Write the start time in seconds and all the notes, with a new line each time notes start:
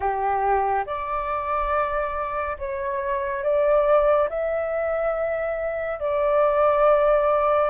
0.00 G4
0.86 D5
2.58 C#5
3.43 D5
4.29 E5
5.99 D5